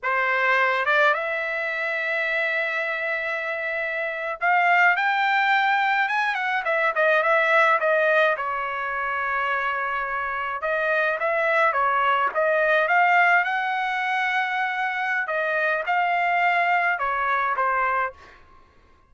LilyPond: \new Staff \with { instrumentName = "trumpet" } { \time 4/4 \tempo 4 = 106 c''4. d''8 e''2~ | e''2.~ e''8. f''16~ | f''8. g''2 gis''8 fis''8 e''16~ | e''16 dis''8 e''4 dis''4 cis''4~ cis''16~ |
cis''2~ cis''8. dis''4 e''16~ | e''8. cis''4 dis''4 f''4 fis''16~ | fis''2. dis''4 | f''2 cis''4 c''4 | }